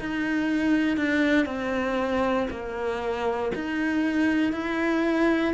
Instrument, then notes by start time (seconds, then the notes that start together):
cello
0.00 D#4
0.97 D4
1.46 C4
2.51 A#3
3.55 D#4
4.53 E4